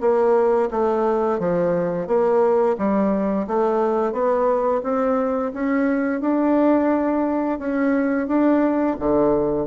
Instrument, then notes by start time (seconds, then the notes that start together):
bassoon
0.00 A#3
0.71 A3
1.39 F3
2.07 A#3
2.78 G3
3.47 A3
4.12 B3
4.83 C4
5.54 C#4
6.21 D4
7.59 C#4
8.27 D4
8.99 D3